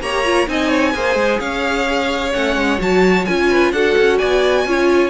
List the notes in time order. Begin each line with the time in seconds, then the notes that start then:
0.00 A#3 G4 C#5 A#5
0.24 F4
0.47 C4 D#4 D#5 G#5
0.68 C#5
0.93 A#3 G#4 C5
1.15 G#3
1.39 C#4 C#5 F5
2.33 A3 C#4 F#5
2.55 G#3
2.78 F#3 F#4 A5
3.25 C#4 F4 G#5
3.49 B4
3.72 D4 F#4 A4 F#5
3.98 C#4
4.17 B3 D5 G#5
4.65 C#4 F4 C#5